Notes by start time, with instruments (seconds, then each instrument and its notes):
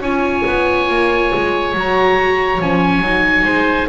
0.00 double bass C#4, viola F4, oboe C#5 G#5
0.46 double bass B3
0.89 double bass A#3
1.35 double bass G#3
1.74 double bass F#3, viola F#4, oboe A#5
2.60 double bass F3, viola C#4, oboe G#5
3.01 double bass F#3, viola D#4
3.44 double bass G#3, oboe C5